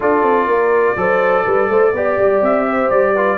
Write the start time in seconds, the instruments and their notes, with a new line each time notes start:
0.00 tuba D4, trombone F4, horn A4, trumpet D5
0.22 tuba C4
0.46 tuba A#3, horn A#4
0.96 tuba F#3, trombone A4, horn C5
1.45 tuba G3, horn B4
1.69 tuba A3, horn C5
1.93 tuba B3, trombone G4, horn D5
2.18 tuba G3
2.41 tuba C4, trumpet E5
2.68 horn C5
2.90 tuba G3, trumpet D5
3.13 trombone F4, horn B4